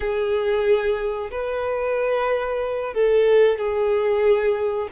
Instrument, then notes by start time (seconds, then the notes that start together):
violin
0.00 G#4
1.31 B4
2.93 A4
3.58 G#4